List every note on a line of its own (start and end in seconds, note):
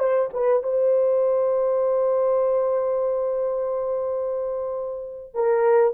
0.00 0.30 C5
0.34 0.63 B4
0.63 5.35 C5
5.35 5.94 A#4